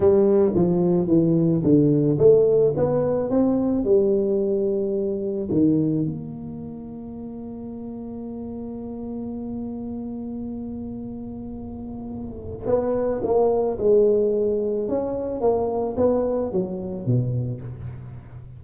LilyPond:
\new Staff \with { instrumentName = "tuba" } { \time 4/4 \tempo 4 = 109 g4 f4 e4 d4 | a4 b4 c'4 g4~ | g2 dis4 ais4~ | ais1~ |
ais1~ | ais2. b4 | ais4 gis2 cis'4 | ais4 b4 fis4 b,4 | }